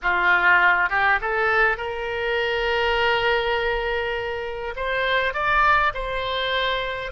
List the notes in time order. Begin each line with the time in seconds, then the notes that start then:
0.02 F4
0.89 G4
1.21 A4
1.77 A#4
4.76 C5
5.33 D5
5.94 C5